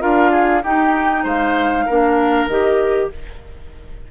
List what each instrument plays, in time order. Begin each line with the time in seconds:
0.00 bassoon D4, clarinet F4, oboe A#4, flute F5
0.31 oboe G#4
0.63 bassoon D#4, clarinet D#4, oboe G4, flute G5
1.24 bassoon G#3, oboe C5, flute F5
1.86 bassoon A#3, clarinet D4, oboe A#4
2.47 bassoon D#3, clarinet G4, flute D#5